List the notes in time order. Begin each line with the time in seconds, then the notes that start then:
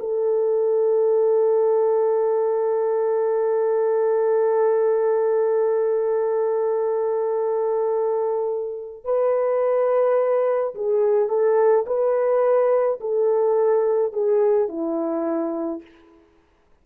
0.00 A4
9.05 B4
10.75 G#4
11.29 A4
11.87 B4
13.00 A4
14.14 G#4
14.69 E4